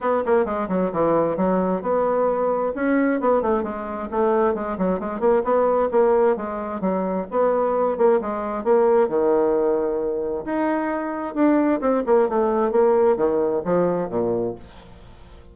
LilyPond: \new Staff \with { instrumentName = "bassoon" } { \time 4/4 \tempo 4 = 132 b8 ais8 gis8 fis8 e4 fis4 | b2 cis'4 b8 a8 | gis4 a4 gis8 fis8 gis8 ais8 | b4 ais4 gis4 fis4 |
b4. ais8 gis4 ais4 | dis2. dis'4~ | dis'4 d'4 c'8 ais8 a4 | ais4 dis4 f4 ais,4 | }